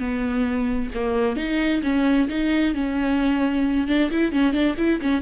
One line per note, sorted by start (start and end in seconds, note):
0.00 0.91 B3
0.95 1.37 A#3
1.37 1.82 D#4
1.83 2.29 C#4
2.29 2.75 D#4
2.75 3.88 C#4
3.88 4.11 D4
4.11 4.33 E4
4.33 4.53 C#4
4.53 4.76 D4
4.78 5.01 E4
5.02 5.22 C#4